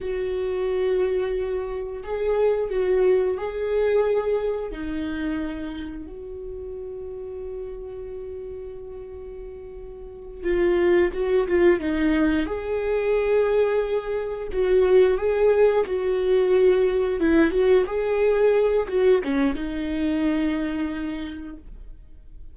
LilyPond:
\new Staff \with { instrumentName = "viola" } { \time 4/4 \tempo 4 = 89 fis'2. gis'4 | fis'4 gis'2 dis'4~ | dis'4 fis'2.~ | fis'2.~ fis'8 f'8~ |
f'8 fis'8 f'8 dis'4 gis'4.~ | gis'4. fis'4 gis'4 fis'8~ | fis'4. e'8 fis'8 gis'4. | fis'8 cis'8 dis'2. | }